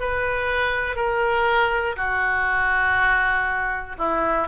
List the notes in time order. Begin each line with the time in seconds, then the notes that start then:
0.00 B4
0.95 A#4
1.96 F#4
3.98 E4